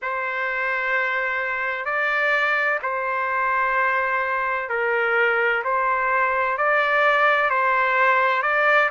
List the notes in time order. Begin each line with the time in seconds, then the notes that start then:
0.02 C5
1.85 D5
2.82 C5
4.69 A#4
5.63 C5
6.57 D5
7.50 C5
8.42 D5